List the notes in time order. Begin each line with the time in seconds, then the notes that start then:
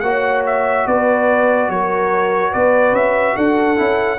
0.00 A#3 F#4 C#5 F#5
0.46 E5
0.86 B3 B4 D5
1.69 F#3 A#4 C#5
2.52 B3 B4 D5
2.92 C#4 E5
3.35 D4 A4 F#5
3.77 C#4 E4